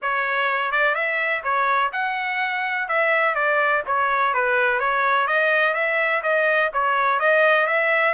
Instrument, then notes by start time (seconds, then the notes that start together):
trumpet
0.02 C#5
0.71 D5
0.94 E5
1.43 C#5
1.92 F#5
2.88 E5
3.35 D5
3.86 C#5
4.34 B4
4.79 C#5
5.27 D#5
5.74 E5
6.22 D#5
6.73 C#5
7.19 D#5
7.66 E5